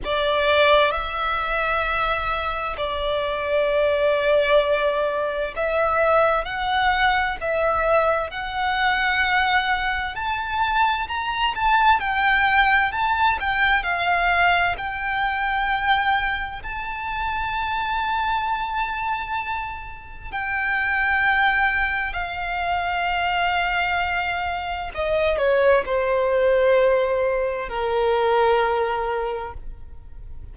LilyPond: \new Staff \with { instrumentName = "violin" } { \time 4/4 \tempo 4 = 65 d''4 e''2 d''4~ | d''2 e''4 fis''4 | e''4 fis''2 a''4 | ais''8 a''8 g''4 a''8 g''8 f''4 |
g''2 a''2~ | a''2 g''2 | f''2. dis''8 cis''8 | c''2 ais'2 | }